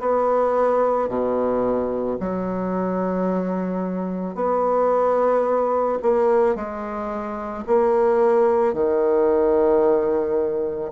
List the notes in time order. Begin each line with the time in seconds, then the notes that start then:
0.00 B3
1.09 B2
2.20 F#3
4.35 B3
6.02 A#3
6.56 G#3
7.67 A#3
8.73 D#3